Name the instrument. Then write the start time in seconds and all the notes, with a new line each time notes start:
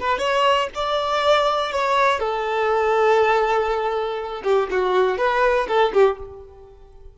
violin
0.00 B4
0.19 C#5
0.75 D5
1.72 C#5
2.20 A4
4.44 G4
4.71 F#4
5.18 B4
5.68 A4
5.93 G4